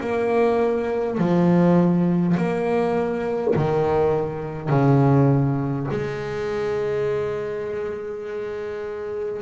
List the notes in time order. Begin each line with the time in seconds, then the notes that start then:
0.00 A#3
1.18 F3
2.36 A#3
3.56 D#3
4.69 C#3
5.90 G#3